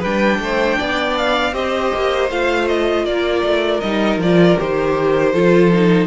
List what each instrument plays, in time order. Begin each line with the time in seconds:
0.00 cello G3, viola D4, violin B4 G5
0.40 cello A3, violin C5
0.78 cello B3, violin D5
1.18 violin F5
1.53 cello C4, viola G4, violin C5 D#5
1.95 cello A#3
2.30 cello A3, viola F4, violin F5
2.68 violin D#5
3.05 cello A#3, violin A#4 D5
3.44 cello A3
3.81 cello G3, viola D#4, violin D#5
4.18 cello F3, violin D5
4.24 viola F4
4.58 cello D#3, viola G4, violin C5
5.33 cello F3, viola F4, violin A4
5.73 viola D#4